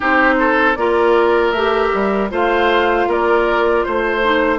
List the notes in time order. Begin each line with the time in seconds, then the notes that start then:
0.00 C4 D#4 G4 C5
0.39 A4
0.75 A#3 F4 A#4 D5
1.51 A3 G4 E5
1.93 G3
2.29 A3 F4 C5 F5
3.07 A#3 A#4 D5
3.83 A3 C5
4.22 D#4